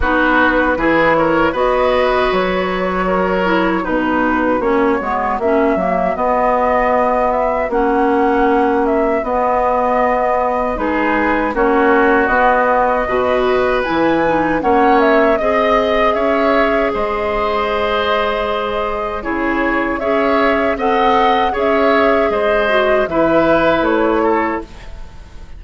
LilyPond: <<
  \new Staff \with { instrumentName = "flute" } { \time 4/4 \tempo 4 = 78 b'4. cis''8 dis''4 cis''4~ | cis''4 b'4 cis''4 e''4 | dis''4. e''8 fis''4. e''8 | dis''2 b'4 cis''4 |
dis''2 gis''4 fis''8 e''8 | dis''4 e''4 dis''2~ | dis''4 cis''4 e''4 fis''4 | e''4 dis''4 e''4 cis''4 | }
  \new Staff \with { instrumentName = "oboe" } { \time 4/4 fis'4 gis'8 ais'8 b'2 | ais'4 fis'2.~ | fis'1~ | fis'2 gis'4 fis'4~ |
fis'4 b'2 cis''4 | dis''4 cis''4 c''2~ | c''4 gis'4 cis''4 dis''4 | cis''4 c''4 b'4. a'8 | }
  \new Staff \with { instrumentName = "clarinet" } { \time 4/4 dis'4 e'4 fis'2~ | fis'8 e'8 dis'4 cis'8 b8 cis'8 ais8 | b2 cis'2 | b2 dis'4 cis'4 |
b4 fis'4 e'8 dis'8 cis'4 | gis'1~ | gis'4 e'4 gis'4 a'4 | gis'4. fis'8 e'2 | }
  \new Staff \with { instrumentName = "bassoon" } { \time 4/4 b4 e4 b4 fis4~ | fis4 b,4 ais8 gis8 ais8 fis8 | b2 ais2 | b2 gis4 ais4 |
b4 b,4 e4 ais4 | c'4 cis'4 gis2~ | gis4 cis4 cis'4 c'4 | cis'4 gis4 e4 a4 | }
>>